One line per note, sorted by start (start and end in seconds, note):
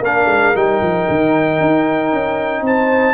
0.00 0.26 A#3
0.00 0.55 D4
0.00 2.62 A#4
0.00 0.56 F5
0.28 0.54 G#3
0.55 0.81 G3
0.55 3.14 D#4
0.55 2.65 G5
0.82 1.08 F3
1.09 1.60 D#3
1.60 2.12 D#4
2.12 2.61 C#4
2.61 3.13 C4
2.61 3.14 C5
2.61 3.14 A5